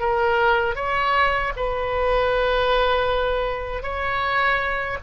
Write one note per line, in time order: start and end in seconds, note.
0.00 0.76 A#4
0.76 1.53 C#5
1.57 3.83 B4
3.83 4.98 C#5